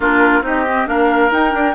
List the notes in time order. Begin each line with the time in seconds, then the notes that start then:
0.00 A#3 D4 F4 A#4
0.41 C4 D#4 G4 D#5
0.65 C4
0.86 A#3 D4 A#4 F5
1.31 D#4 G5
1.49 D4